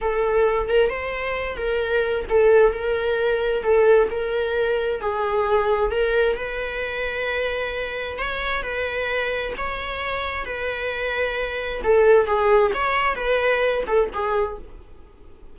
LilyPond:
\new Staff \with { instrumentName = "viola" } { \time 4/4 \tempo 4 = 132 a'4. ais'8 c''4. ais'8~ | ais'4 a'4 ais'2 | a'4 ais'2 gis'4~ | gis'4 ais'4 b'2~ |
b'2 cis''4 b'4~ | b'4 cis''2 b'4~ | b'2 a'4 gis'4 | cis''4 b'4. a'8 gis'4 | }